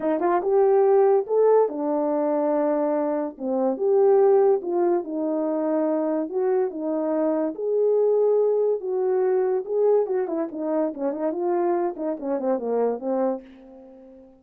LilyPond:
\new Staff \with { instrumentName = "horn" } { \time 4/4 \tempo 4 = 143 dis'8 f'8 g'2 a'4 | d'1 | c'4 g'2 f'4 | dis'2. fis'4 |
dis'2 gis'2~ | gis'4 fis'2 gis'4 | fis'8 e'8 dis'4 cis'8 dis'8 f'4~ | f'8 dis'8 cis'8 c'8 ais4 c'4 | }